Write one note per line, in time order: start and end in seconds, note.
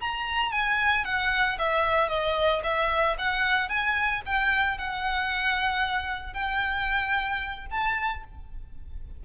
0.00 0.51 A#5
0.51 1.05 G#5
1.05 1.58 F#5
1.58 2.09 E5
2.09 2.62 D#5
2.63 3.16 E5
3.18 3.69 F#5
3.69 4.22 G#5
4.26 4.78 G5
4.78 6.33 F#5
6.33 7.66 G5
7.70 8.23 A5